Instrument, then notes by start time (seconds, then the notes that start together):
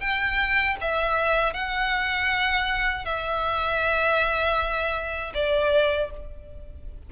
violin
0.00 G5
0.81 E5
1.53 F#5
3.05 E5
5.34 D5